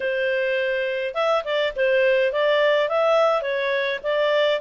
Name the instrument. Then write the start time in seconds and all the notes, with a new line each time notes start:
clarinet
0.00 C5
1.14 E5
1.44 D5
1.76 C5
2.32 D5
2.88 E5
3.42 C#5
4.03 D5